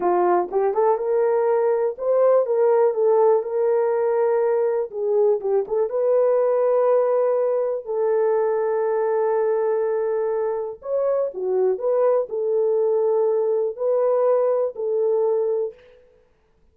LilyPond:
\new Staff \with { instrumentName = "horn" } { \time 4/4 \tempo 4 = 122 f'4 g'8 a'8 ais'2 | c''4 ais'4 a'4 ais'4~ | ais'2 gis'4 g'8 a'8 | b'1 |
a'1~ | a'2 cis''4 fis'4 | b'4 a'2. | b'2 a'2 | }